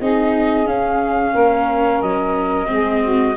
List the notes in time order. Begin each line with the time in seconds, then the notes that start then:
0.00 C4 D#4 G#4 D#5
0.66 C#4 F5
1.33 A#3 A#4
2.02 F#3 D#5
2.67 G#3 C4 G#4
3.03 F#4